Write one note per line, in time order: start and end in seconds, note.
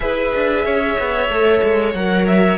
0.00 0.33 E4
0.00 1.28 G#4
0.00 0.65 B4
0.00 1.91 E5
0.34 0.65 D4
0.65 0.97 C#4
0.65 2.57 C#5
0.98 1.28 B3
1.28 1.61 A3
1.28 1.94 A4
1.63 1.94 G#3
1.93 2.57 F#3
1.93 2.57 A#4
1.93 2.25 F#5
2.26 2.57 E5